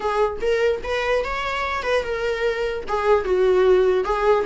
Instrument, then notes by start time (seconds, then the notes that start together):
viola
0.00 G#4
0.41 A#4
0.83 B4
1.24 C#5
1.82 B4
2.03 A#4
2.87 G#4
3.24 F#4
4.04 G#4